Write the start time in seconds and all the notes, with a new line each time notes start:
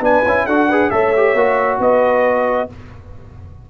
0.00 B3 D4 B4 G#5
0.25 C#4 E4
0.46 D4 F#4 A4 F#5
0.68 G#4 B4
0.90 A3 A4 C#5 E5
1.16 G4
1.34 A#3 F#4
1.79 B3 B4 D#5